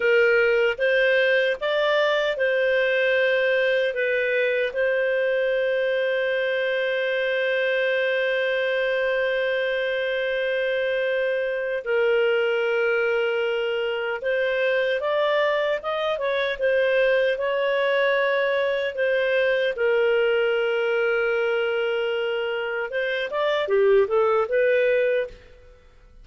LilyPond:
\new Staff \with { instrumentName = "clarinet" } { \time 4/4 \tempo 4 = 76 ais'4 c''4 d''4 c''4~ | c''4 b'4 c''2~ | c''1~ | c''2. ais'4~ |
ais'2 c''4 d''4 | dis''8 cis''8 c''4 cis''2 | c''4 ais'2.~ | ais'4 c''8 d''8 g'8 a'8 b'4 | }